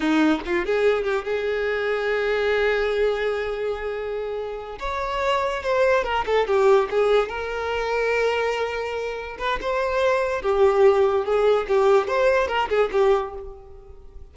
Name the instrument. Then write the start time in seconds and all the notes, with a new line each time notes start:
violin
0.00 D#4
0.45 F4
0.65 G#4
1.03 G4
1.24 G#4
4.79 C#5
5.62 C5
6.04 A#4
6.26 A4
6.47 G4
6.90 G#4
7.29 A#4
9.38 B4
9.61 C5
10.41 G4
11.25 G#4
11.68 G4
12.07 C5
12.47 A#4
12.69 G#4
12.92 G4